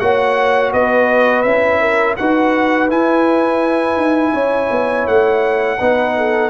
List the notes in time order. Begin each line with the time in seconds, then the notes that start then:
0.00 A#3 F#4 C#5 F#5
0.73 B3 B4 D#5
1.42 C#4 E4 E5
1.81 A#4
2.17 D#4 F#4 B4 F#5
2.89 E4 G#5
3.97 D#4
4.33 C#4 C#5
4.71 B3
5.08 A3 F#5
5.79 B3 D#4 B4
6.17 A4